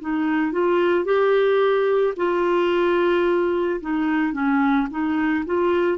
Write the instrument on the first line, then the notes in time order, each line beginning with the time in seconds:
clarinet
0.00 D#4
0.52 F4
1.05 G4
2.16 F4
3.80 D#4
4.32 C#4
4.90 D#4
5.45 F4